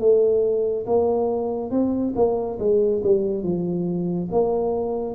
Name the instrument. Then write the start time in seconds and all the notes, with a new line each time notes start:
tuba
0.00 A3
0.86 A#3
1.71 C4
2.16 A#3
2.59 G#3
3.04 G3
3.43 F3
4.32 A#3